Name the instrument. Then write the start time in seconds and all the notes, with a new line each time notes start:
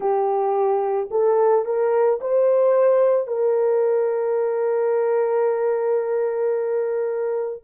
horn
0.00 G4
1.11 A4
1.65 A#4
2.20 C5
3.27 A#4